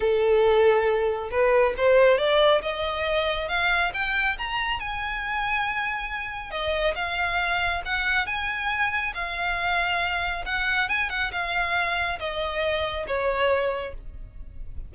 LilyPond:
\new Staff \with { instrumentName = "violin" } { \time 4/4 \tempo 4 = 138 a'2. b'4 | c''4 d''4 dis''2 | f''4 g''4 ais''4 gis''4~ | gis''2. dis''4 |
f''2 fis''4 gis''4~ | gis''4 f''2. | fis''4 gis''8 fis''8 f''2 | dis''2 cis''2 | }